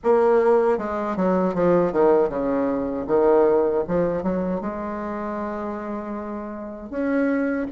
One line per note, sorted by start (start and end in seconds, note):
0.03 0.77 A#3
0.77 1.16 G#3
1.16 1.54 F#3
1.54 1.92 F3
1.92 2.29 D#3
2.29 3.06 C#3
3.07 3.84 D#3
3.87 4.22 F3
4.22 4.60 F#3
4.60 6.90 G#3
6.90 7.66 C#4